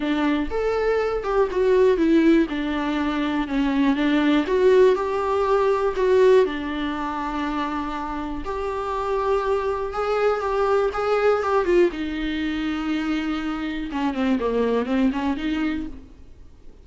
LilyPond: \new Staff \with { instrumentName = "viola" } { \time 4/4 \tempo 4 = 121 d'4 a'4. g'8 fis'4 | e'4 d'2 cis'4 | d'4 fis'4 g'2 | fis'4 d'2.~ |
d'4 g'2. | gis'4 g'4 gis'4 g'8 f'8 | dis'1 | cis'8 c'8 ais4 c'8 cis'8 dis'4 | }